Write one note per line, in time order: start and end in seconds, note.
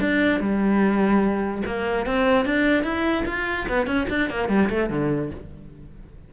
0.00 0.40 D4
0.40 1.63 G3
1.66 2.06 A#3
2.06 2.46 C4
2.46 2.83 D4
2.83 3.24 E4
3.25 3.66 F4
3.68 3.86 B3
3.86 4.07 C#4
4.09 4.30 D4
4.30 4.49 A#3
4.49 4.69 G3
4.70 4.90 A3
4.90 5.31 D3